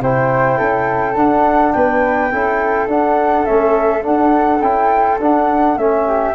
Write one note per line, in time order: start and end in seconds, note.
0.00 0.58 C3
0.00 1.15 E4
0.00 0.57 C5
0.00 1.17 G5
0.57 1.16 C#4
0.57 1.73 A4
1.15 2.31 D4
1.15 1.73 D4
1.15 1.72 F#5
1.72 2.32 B3
1.72 2.32 B4
1.72 2.87 G5
2.31 2.87 C#4
2.31 2.89 E4
2.31 6.06 A4
2.87 3.45 D4
2.87 3.45 F#5
3.45 4.07 A3
3.45 4.01 C#4
3.45 4.02 E5
4.01 4.59 D4
4.01 4.61 D4
4.01 4.61 F#5
4.61 5.19 C#4
4.61 5.20 E4
4.61 5.18 G5
5.19 5.76 D4
5.19 5.78 D4
5.19 5.77 F#5
5.76 6.34 A3
5.76 6.34 C#4
5.76 6.34 E5
6.06 6.34 G4